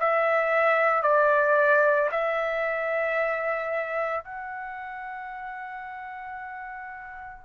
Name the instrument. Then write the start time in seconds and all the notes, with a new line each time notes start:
trumpet
0.00 E5
1.03 D5
2.11 E5
4.25 F#5